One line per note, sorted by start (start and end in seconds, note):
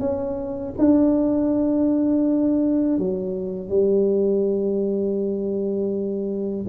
0.00 0.74 C#4
0.78 2.99 D4
2.99 3.69 F#3
3.69 6.66 G3